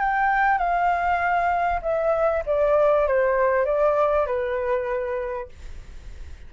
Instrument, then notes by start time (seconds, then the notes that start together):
flute
0.00 G5
0.58 F5
1.82 E5
2.46 D5
3.08 C5
3.65 D5
4.27 B4